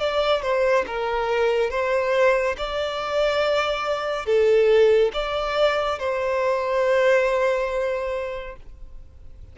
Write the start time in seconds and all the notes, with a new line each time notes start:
0.00 D5
0.43 C5
0.87 A#4
1.71 C5
2.58 D5
4.26 A4
5.14 D5
6.00 C5